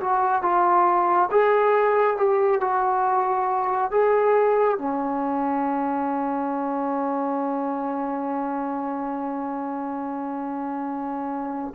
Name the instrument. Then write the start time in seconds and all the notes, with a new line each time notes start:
trombone
0.00 F#4
0.42 F4
1.31 G#4
2.17 G4
2.60 F#4
3.91 G#4
4.78 C#4